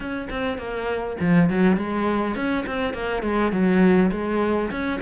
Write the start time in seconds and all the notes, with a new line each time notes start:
0.00 C#4
0.29 C4
0.57 A#3
1.20 F3
1.49 F#3
1.76 G#3
2.35 C#4
2.66 C4
2.93 A#3
3.22 G#3
3.52 F#3
4.11 G#3
4.71 C#4